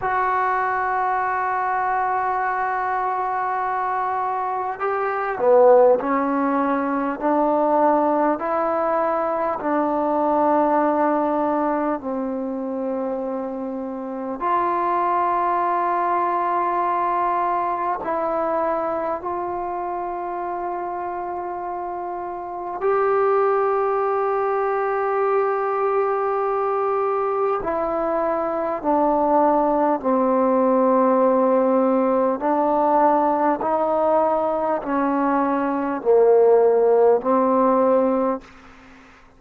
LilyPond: \new Staff \with { instrumentName = "trombone" } { \time 4/4 \tempo 4 = 50 fis'1 | g'8 b8 cis'4 d'4 e'4 | d'2 c'2 | f'2. e'4 |
f'2. g'4~ | g'2. e'4 | d'4 c'2 d'4 | dis'4 cis'4 ais4 c'4 | }